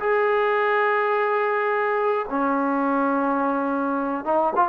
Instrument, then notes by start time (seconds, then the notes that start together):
trombone
0.00 G#4
2.30 C#4
4.25 D#4
4.56 F4